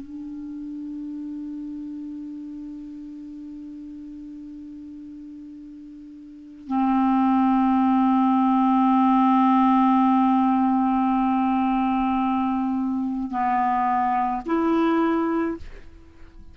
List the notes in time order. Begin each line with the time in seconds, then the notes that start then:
0.00 D4
6.67 C4
13.30 B3
14.45 E4